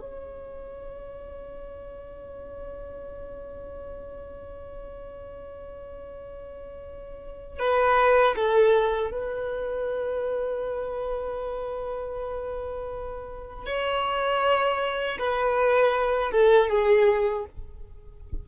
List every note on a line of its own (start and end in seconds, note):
0.00 7.59 C#5
7.59 8.35 B4
8.36 9.11 A4
9.11 13.66 B4
13.66 15.18 C#5
15.18 16.32 B4
16.32 16.69 A4
16.69 17.45 G#4